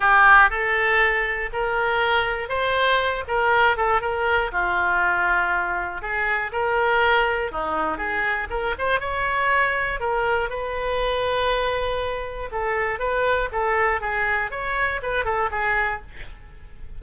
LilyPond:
\new Staff \with { instrumentName = "oboe" } { \time 4/4 \tempo 4 = 120 g'4 a'2 ais'4~ | ais'4 c''4. ais'4 a'8 | ais'4 f'2. | gis'4 ais'2 dis'4 |
gis'4 ais'8 c''8 cis''2 | ais'4 b'2.~ | b'4 a'4 b'4 a'4 | gis'4 cis''4 b'8 a'8 gis'4 | }